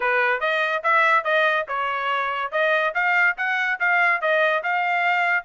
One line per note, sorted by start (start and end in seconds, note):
0.00 0.40 B4
0.40 0.82 D#5
0.83 1.24 E5
1.24 1.66 D#5
1.68 2.51 C#5
2.51 2.93 D#5
2.94 3.36 F5
3.37 3.79 F#5
3.79 4.21 F5
4.21 4.63 D#5
4.63 5.44 F5